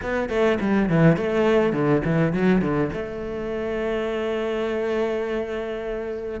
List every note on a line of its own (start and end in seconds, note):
0.02 0.29 B3
0.29 0.58 A3
0.60 0.89 G3
0.89 1.16 E3
1.16 1.72 A3
1.72 2.02 D3
2.04 2.32 E3
2.32 2.61 F#3
2.61 2.90 D3
2.93 6.40 A3